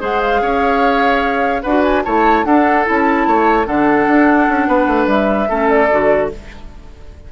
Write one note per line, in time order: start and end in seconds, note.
0.00 0.42 G#3
0.00 1.62 G#4
0.00 0.41 C5
0.00 0.21 F#5
0.21 1.62 F5
0.42 1.63 C#4
0.42 1.62 C#5
1.62 2.05 D4
1.62 2.05 F#4
1.62 2.03 B4
1.62 1.82 F#5
1.83 2.04 G#5
2.04 2.45 A3
2.04 2.45 E4
2.04 2.46 C#5
2.04 2.45 A5
2.45 2.85 D4
2.45 3.28 A4
2.45 2.86 F#5
2.85 3.27 C#4
2.85 3.65 E4
2.85 3.66 A5
3.27 3.67 A3
3.27 3.67 C#5
3.65 4.07 D3
3.65 5.48 D4
3.65 4.68 A4
3.65 5.08 F#5
4.08 4.48 D4
4.49 4.67 C#4
4.67 4.88 B3
4.67 5.49 B4
4.88 5.07 A3
5.07 5.47 G3
5.07 5.68 E5
5.49 5.91 A3
5.49 5.90 C#4
5.49 6.30 A4
5.68 6.29 D5
5.91 6.32 D3
5.91 6.32 F#4